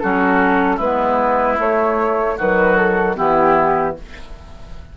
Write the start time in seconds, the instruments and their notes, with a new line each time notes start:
0.00 bassoon F#3, clarinet C#4, oboe F#4, flute A4
0.76 bassoon G#3, clarinet B3, oboe E4, flute B4
1.57 clarinet A3, bassoon A3, flute C#5
2.38 bassoon D#3, clarinet F#3, oboe F#4, flute B4
2.76 flute A4
3.16 bassoon E3, clarinet B3, oboe E4, flute G4